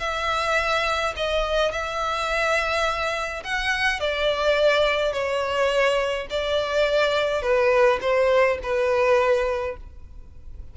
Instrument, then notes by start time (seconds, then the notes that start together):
violin
0.00 E5
1.17 D#5
1.72 E5
3.44 F#5
4.00 D5
5.13 C#5
6.30 D5
7.42 B4
8.01 C5
8.63 B4